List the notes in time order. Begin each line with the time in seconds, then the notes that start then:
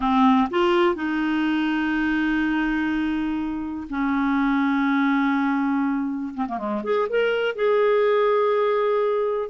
0.00 C4
0.50 F4
0.95 D#4
3.89 C#4
6.34 C4
6.47 A#3
6.57 G#3
6.83 G#4
7.09 A#4
7.55 G#4